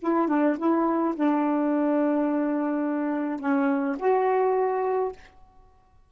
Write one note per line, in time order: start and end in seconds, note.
0.00 0.28 E4
0.28 0.56 D4
0.58 1.15 E4
1.16 3.40 D4
3.40 3.96 C#4
3.99 5.12 F#4